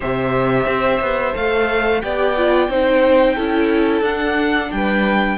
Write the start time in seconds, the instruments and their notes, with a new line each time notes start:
0.00 cello C3, viola G4, violin C5 E5
0.66 cello C4
1.00 cello B3
1.32 cello A3, viola A4, violin F5
2.01 cello B3, viola G4, violin D5 G5
2.36 viola F4
2.68 cello C4, viola D#4, violin C5
3.35 cello C#4, viola E4, violin A4
4.01 cello D4, viola D4, violin F#5
4.71 cello G3, violin B4 G5